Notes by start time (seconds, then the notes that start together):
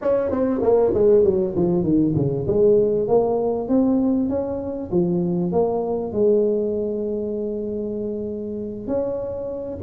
0.01 C#4
0.30 C4
0.62 A#3
0.94 G#3
1.24 F#3
1.56 F3
1.83 D#3
2.15 C#3
2.47 G#3
3.08 A#3
3.68 C4
4.29 C#4
4.91 F3
5.52 A#3
6.12 G#3
8.87 C#4